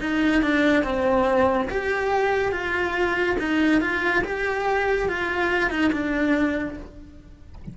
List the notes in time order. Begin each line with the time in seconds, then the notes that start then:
0.00 D#4
0.42 D4
0.84 C4
1.70 G4
2.52 F4
3.39 D#4
3.81 F4
4.24 G4
5.09 F4
5.70 D#4
5.92 D4